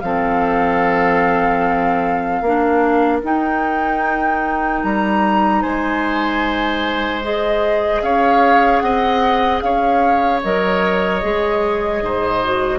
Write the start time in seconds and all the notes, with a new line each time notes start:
0.00 F3 C4 A4 F5
2.42 A#3 D4 A#4
3.22 D#4 G5
4.83 G3 A#5
5.62 G#3 C5 G#5
7.23 G#4 D#5
8.02 C#4 C#5 F5
8.80 C4 D#5 F#5
9.61 C#4 C#5 F5
10.44 F#3 A#4 D#5
11.22 G#3 G#4
12.02 G#2 C5
12.44 F#4